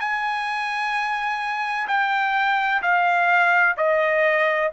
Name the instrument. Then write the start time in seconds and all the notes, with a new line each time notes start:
trumpet
0.00 G#5
1.88 G5
2.82 F5
3.77 D#5